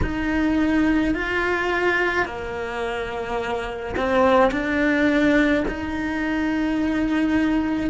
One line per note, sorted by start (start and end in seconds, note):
0.02 1.14 D#4
1.14 2.25 F4
2.25 3.95 A#3
3.96 4.51 C4
4.51 5.64 D4
5.68 7.90 D#4